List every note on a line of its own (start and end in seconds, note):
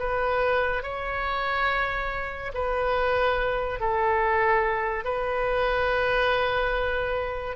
0.00 0.83 B4
0.83 2.52 C#5
2.55 3.80 B4
3.80 5.05 A4
5.05 7.57 B4